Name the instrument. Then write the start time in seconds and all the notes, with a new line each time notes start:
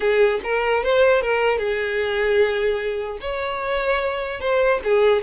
violin
0.00 G#4
0.43 A#4
0.83 C5
1.21 A#4
1.58 G#4
3.21 C#5
4.40 C5
4.83 G#4